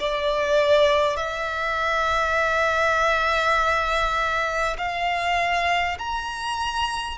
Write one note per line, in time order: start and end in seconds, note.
0.00 1.17 D5
1.17 4.77 E5
4.78 5.98 F5
5.99 7.18 A#5